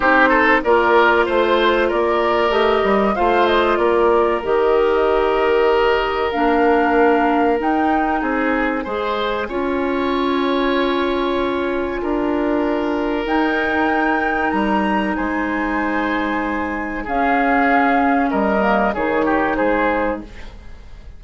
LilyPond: <<
  \new Staff \with { instrumentName = "flute" } { \time 4/4 \tempo 4 = 95 c''4 d''4 c''4 d''4 | dis''4 f''8 dis''8 d''4 dis''4~ | dis''2 f''2 | g''4 gis''2.~ |
gis''1~ | gis''4 g''2 ais''4 | gis''2. f''4~ | f''4 dis''4 cis''4 c''4 | }
  \new Staff \with { instrumentName = "oboe" } { \time 4/4 g'8 a'8 ais'4 c''4 ais'4~ | ais'4 c''4 ais'2~ | ais'1~ | ais'4 gis'4 c''4 cis''4~ |
cis''2. ais'4~ | ais'1 | c''2. gis'4~ | gis'4 ais'4 gis'8 g'8 gis'4 | }
  \new Staff \with { instrumentName = "clarinet" } { \time 4/4 dis'4 f'2. | g'4 f'2 g'4~ | g'2 d'2 | dis'2 gis'4 f'4~ |
f'1~ | f'4 dis'2.~ | dis'2. cis'4~ | cis'4. ais8 dis'2 | }
  \new Staff \with { instrumentName = "bassoon" } { \time 4/4 c'4 ais4 a4 ais4 | a8 g8 a4 ais4 dis4~ | dis2 ais2 | dis'4 c'4 gis4 cis'4~ |
cis'2. d'4~ | d'4 dis'2 g4 | gis2. cis'4~ | cis'4 g4 dis4 gis4 | }
>>